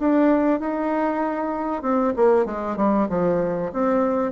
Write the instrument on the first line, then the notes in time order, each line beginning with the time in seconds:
bassoon
0.00 D4
0.60 D#4
1.83 C4
2.17 A#3
2.46 G#3
2.77 G3
3.10 F3
3.73 C4